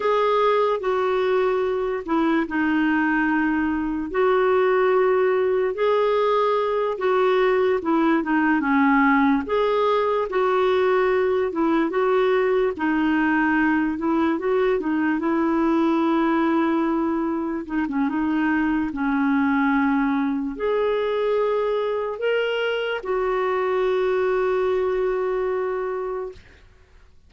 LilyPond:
\new Staff \with { instrumentName = "clarinet" } { \time 4/4 \tempo 4 = 73 gis'4 fis'4. e'8 dis'4~ | dis'4 fis'2 gis'4~ | gis'8 fis'4 e'8 dis'8 cis'4 gis'8~ | gis'8 fis'4. e'8 fis'4 dis'8~ |
dis'4 e'8 fis'8 dis'8 e'4.~ | e'4. dis'16 cis'16 dis'4 cis'4~ | cis'4 gis'2 ais'4 | fis'1 | }